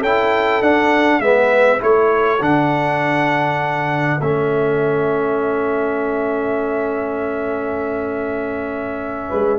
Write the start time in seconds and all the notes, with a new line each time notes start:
0.00 C#4 E4 A4 G5
0.62 D4 F#5
1.20 G#3 B3 B4 E5
1.80 A3 E4 A4 C#5
2.41 D3 D4 F#5
4.21 A3 C#4 E5
9.29 G#3 B4